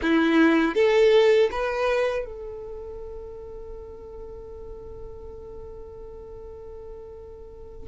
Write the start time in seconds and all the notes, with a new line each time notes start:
0.01 E4
0.74 A4
1.51 B4
2.25 A4